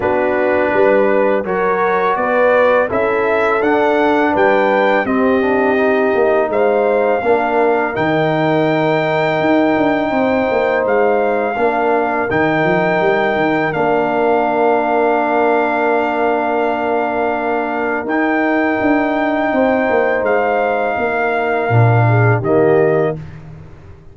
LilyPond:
<<
  \new Staff \with { instrumentName = "trumpet" } { \time 4/4 \tempo 4 = 83 b'2 cis''4 d''4 | e''4 fis''4 g''4 dis''4~ | dis''4 f''2 g''4~ | g''2. f''4~ |
f''4 g''2 f''4~ | f''1~ | f''4 g''2. | f''2. dis''4 | }
  \new Staff \with { instrumentName = "horn" } { \time 4/4 fis'4 b'4 ais'4 b'4 | a'2 b'4 g'4~ | g'4 c''4 ais'2~ | ais'2 c''2 |
ais'1~ | ais'1~ | ais'2. c''4~ | c''4 ais'4. gis'8 g'4 | }
  \new Staff \with { instrumentName = "trombone" } { \time 4/4 d'2 fis'2 | e'4 d'2 c'8 d'8 | dis'2 d'4 dis'4~ | dis'1 |
d'4 dis'2 d'4~ | d'1~ | d'4 dis'2.~ | dis'2 d'4 ais4 | }
  \new Staff \with { instrumentName = "tuba" } { \time 4/4 b4 g4 fis4 b4 | cis'4 d'4 g4 c'4~ | c'8 ais8 gis4 ais4 dis4~ | dis4 dis'8 d'8 c'8 ais8 gis4 |
ais4 dis8 f8 g8 dis8 ais4~ | ais1~ | ais4 dis'4 d'4 c'8 ais8 | gis4 ais4 ais,4 dis4 | }
>>